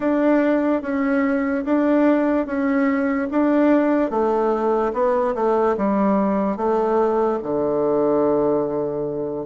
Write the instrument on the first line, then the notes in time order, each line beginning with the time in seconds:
bassoon
0.00 D4
0.82 C#4
1.64 D4
2.46 C#4
3.30 D4
4.10 A3
4.93 B3
5.34 A3
5.77 G3
6.56 A3
7.42 D3